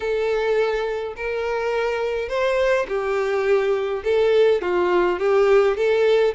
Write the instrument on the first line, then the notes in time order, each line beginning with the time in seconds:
violin
0.00 A4
1.16 A#4
2.28 C5
2.87 G4
4.04 A4
4.61 F4
5.19 G4
5.76 A4